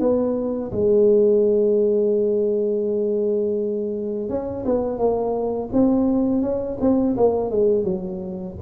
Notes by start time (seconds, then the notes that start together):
0.00 B3
0.72 G#3
4.29 C#4
4.66 B3
4.98 A#3
5.72 C4
6.42 C#4
6.81 C4
7.17 A#3
7.51 G#3
7.84 F#3